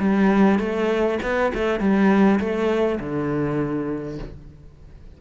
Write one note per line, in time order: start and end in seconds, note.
0.00 0.59 G3
0.59 1.19 A3
1.23 1.53 B3
1.54 1.80 A3
1.80 2.40 G3
2.40 2.99 A3
3.00 4.19 D3